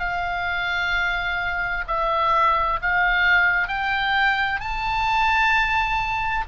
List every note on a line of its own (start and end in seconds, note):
0.00 1.85 F5
1.88 2.80 E5
2.82 3.68 F5
3.68 4.61 G5
4.61 6.45 A5